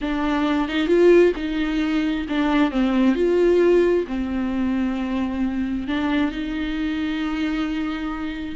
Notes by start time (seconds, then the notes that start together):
0.01 D4
0.68 D#4
0.87 F4
1.36 D#4
2.28 D4
2.71 C4
3.15 F4
4.07 C4
5.87 D4
6.31 D#4